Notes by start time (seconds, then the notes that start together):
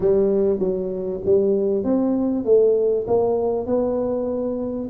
0.00 G3
0.59 F#3
1.25 G3
1.84 C4
2.45 A3
3.07 A#3
3.66 B3